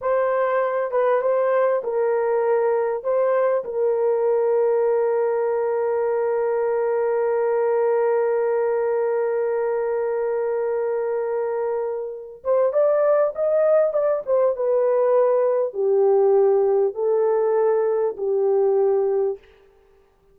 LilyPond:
\new Staff \with { instrumentName = "horn" } { \time 4/4 \tempo 4 = 99 c''4. b'8 c''4 ais'4~ | ais'4 c''4 ais'2~ | ais'1~ | ais'1~ |
ais'1~ | ais'8 c''8 d''4 dis''4 d''8 c''8 | b'2 g'2 | a'2 g'2 | }